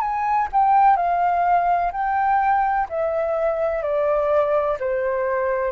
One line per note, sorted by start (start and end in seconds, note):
0.00 0.48 G#5
0.52 0.96 G5
0.96 1.91 F5
1.92 2.87 G5
2.89 3.82 E5
3.82 4.77 D5
4.80 5.71 C5